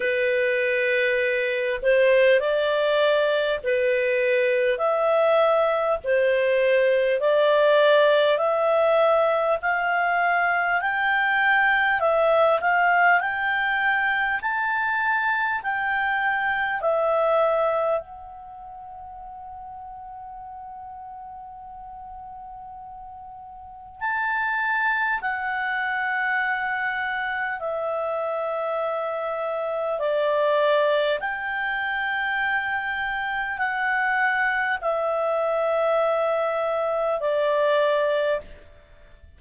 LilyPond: \new Staff \with { instrumentName = "clarinet" } { \time 4/4 \tempo 4 = 50 b'4. c''8 d''4 b'4 | e''4 c''4 d''4 e''4 | f''4 g''4 e''8 f''8 g''4 | a''4 g''4 e''4 fis''4~ |
fis''1 | a''4 fis''2 e''4~ | e''4 d''4 g''2 | fis''4 e''2 d''4 | }